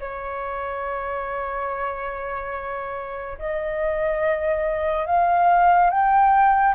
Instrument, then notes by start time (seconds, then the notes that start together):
flute
0.00 C#5
3.39 D#5
5.07 F5
5.90 G5